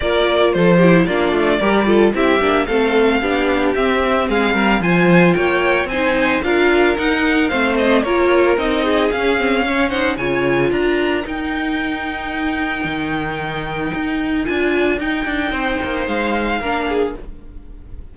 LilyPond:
<<
  \new Staff \with { instrumentName = "violin" } { \time 4/4 \tempo 4 = 112 d''4 c''4 d''2 | e''4 f''2 e''4 | f''4 gis''4 g''4 gis''4 | f''4 fis''4 f''8 dis''8 cis''4 |
dis''4 f''4. fis''8 gis''4 | ais''4 g''2.~ | g''2. gis''4 | g''2 f''2 | }
  \new Staff \with { instrumentName = "violin" } { \time 4/4 ais'4 a'8 g'8 f'4 ais'8 a'8 | g'4 a'4 g'2 | gis'8 ais'8 c''4 cis''4 c''4 | ais'2 c''4 ais'4~ |
ais'8 gis'4. cis''8 c''8 cis''4 | ais'1~ | ais'1~ | ais'4 c''2 ais'8 gis'8 | }
  \new Staff \with { instrumentName = "viola" } { \time 4/4 f'4. e'8 d'4 g'8 f'8 | e'8 d'8 c'4 d'4 c'4~ | c'4 f'2 dis'4 | f'4 dis'4 c'4 f'4 |
dis'4 cis'8 c'8 cis'8 dis'8 f'4~ | f'4 dis'2.~ | dis'2. f'4 | dis'2. d'4 | }
  \new Staff \with { instrumentName = "cello" } { \time 4/4 ais4 f4 ais8 a8 g4 | c'8 ais8 a4 b4 c'4 | gis8 g8 f4 ais4 c'4 | d'4 dis'4 a4 ais4 |
c'4 cis'2 cis4 | d'4 dis'2. | dis2 dis'4 d'4 | dis'8 d'8 c'8 ais8 gis4 ais4 | }
>>